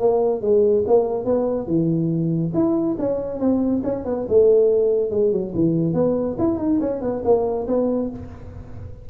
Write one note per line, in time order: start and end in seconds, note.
0.00 0.42 A#3
0.42 0.84 G#3
0.87 1.25 A#3
1.25 1.67 B3
1.67 2.52 E3
2.54 2.97 E4
2.99 3.40 C#4
3.40 3.83 C4
3.84 4.05 C#4
4.05 4.27 B3
4.29 5.11 A3
5.11 5.32 G#3
5.32 5.54 F#3
5.55 5.94 E3
5.94 6.37 B3
6.39 6.59 E4
6.59 6.80 D#4
6.81 7.02 C#4
7.02 7.23 B3
7.25 7.67 A#3
7.68 8.10 B3